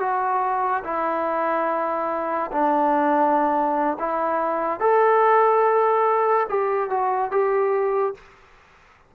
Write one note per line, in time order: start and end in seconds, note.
0.00 0.83 F#4
0.84 2.51 E4
2.52 3.97 D4
4.00 4.80 E4
4.80 6.47 A4
6.49 6.90 G4
6.90 7.31 F#4
7.31 8.15 G4